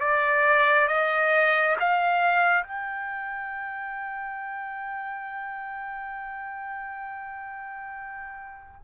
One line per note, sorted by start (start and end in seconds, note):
0.00 0.88 D5
0.88 1.76 D#5
1.80 2.64 F5
2.64 8.81 G5